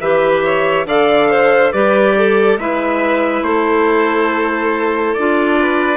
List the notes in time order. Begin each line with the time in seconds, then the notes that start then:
0.00 E3 G4 B4 E5
0.44 C#5
0.85 D3 A4 D5 F5
1.30 C5
1.72 G3 G4 B4 D5
2.17 A4
2.57 G#3 E4 B4 E5
3.42 A3 A4 C5
5.14 D4 F4 D5
5.59 B4